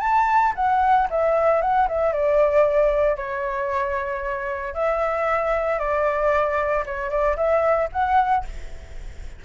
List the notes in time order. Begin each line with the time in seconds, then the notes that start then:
0.00 A5
0.55 F#5
1.10 E5
1.61 F#5
1.88 E5
2.12 D5
3.16 C#5
4.74 E5
5.79 D5
6.85 C#5
7.10 D5
7.36 E5
7.92 F#5